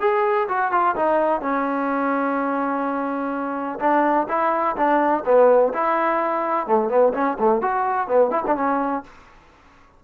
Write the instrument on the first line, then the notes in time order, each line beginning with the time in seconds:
trombone
0.00 G#4
0.48 F#4
0.71 F4
0.96 D#4
1.41 C#4
3.79 D4
4.28 E4
4.76 D4
5.25 B3
5.73 E4
6.67 A3
6.89 B3
7.14 C#4
7.39 A3
7.61 F#4
8.08 B3
8.31 E4
8.47 D4
8.56 C#4